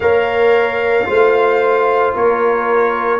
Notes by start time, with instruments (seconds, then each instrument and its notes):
0.00 tuba A#3, trombone A#4, horn C#5, trumpet F5
1.05 tuba A3, trombone F4, horn C5
2.15 tuba A#3, horn A#4, trumpet C#5